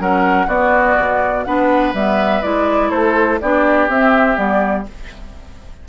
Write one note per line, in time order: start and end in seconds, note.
0.00 0.47 F#3
0.00 0.49 C#4
0.00 0.47 A#4
0.00 0.49 F#5
0.47 0.96 B3
0.47 1.46 B3
0.47 1.44 F#4
0.47 1.44 D5
0.98 1.47 B2
1.44 1.94 B3
1.44 1.95 D4
1.44 2.90 B4
1.44 1.93 F#5
1.94 2.43 G3
1.94 2.43 B3
1.94 2.43 E5
2.43 2.92 G#3
2.43 3.40 E4
2.43 2.91 D5
2.90 3.40 A3
2.90 3.39 A4
2.90 3.39 C5
3.41 3.89 B3
3.41 3.90 D4
3.41 4.89 G4
3.41 3.90 D5
3.89 4.38 C4
3.89 4.35 C4
3.89 4.37 E5
4.35 4.86 G3
4.35 4.83 B3
4.35 4.86 D5